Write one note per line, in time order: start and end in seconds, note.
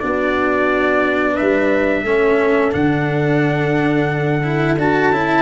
0.00 1.40 B3
0.00 2.06 D4
0.00 1.33 F#4
0.00 1.36 D5
1.33 2.02 B4
1.33 2.73 E5
1.42 2.04 G3
2.04 2.72 A3
2.04 2.72 C#4
2.04 5.42 A4
2.72 4.78 D3
2.72 4.42 D4
2.72 4.78 F#5
4.44 4.78 E4
4.78 5.12 D4
4.78 5.13 F#4
4.78 5.42 A5
5.12 5.42 C#4
5.12 5.42 E4